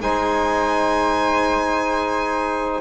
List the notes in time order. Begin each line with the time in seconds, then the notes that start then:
0.00 G#3 D#4 C5 G#5